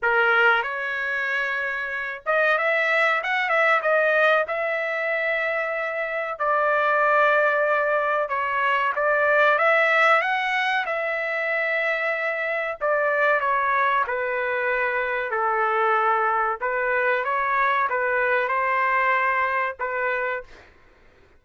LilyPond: \new Staff \with { instrumentName = "trumpet" } { \time 4/4 \tempo 4 = 94 ais'4 cis''2~ cis''8 dis''8 | e''4 fis''8 e''8 dis''4 e''4~ | e''2 d''2~ | d''4 cis''4 d''4 e''4 |
fis''4 e''2. | d''4 cis''4 b'2 | a'2 b'4 cis''4 | b'4 c''2 b'4 | }